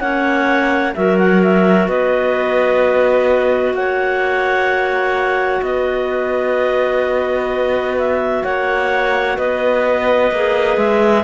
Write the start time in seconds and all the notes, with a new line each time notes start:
0.00 A#3 C#4 C#5 F#5
0.95 F#3 F#4 A#4 E5
1.19 F#5
1.43 E5
1.88 B3 B4 D#5
3.74 A#3 C#5 F#5
5.62 B3 B4 D#5
7.98 E5
8.44 A#3 C#5 F#5
9.37 B3 B4 D#5
10.32 A#3 G#4
10.77 G#3 E5